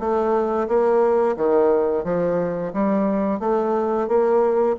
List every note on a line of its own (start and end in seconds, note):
0.00 0.68 A3
0.68 1.37 A#3
1.37 2.05 D#3
2.05 2.73 F3
2.73 3.40 G3
3.40 4.08 A3
4.08 4.76 A#3